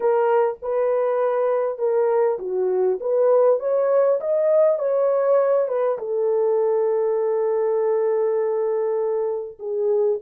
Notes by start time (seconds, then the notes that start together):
0.00 A#4
0.62 B4
1.78 A#4
2.38 F#4
3.00 B4
3.59 C#5
4.20 D#5
4.78 C#5
5.68 B4
5.98 A4
9.59 G#4